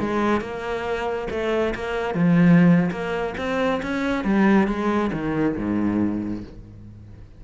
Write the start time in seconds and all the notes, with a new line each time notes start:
0.00 G#3
0.41 A#3
1.31 A3
1.75 A#3
2.15 F3
2.91 A#3
3.38 C4
3.83 C#4
4.25 G3
4.68 G#3
5.13 D#3
5.57 G#2